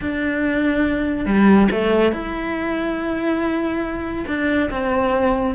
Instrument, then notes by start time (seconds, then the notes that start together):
cello
0.01 D4
1.25 G3
1.71 A3
2.12 E4
4.27 D4
4.70 C4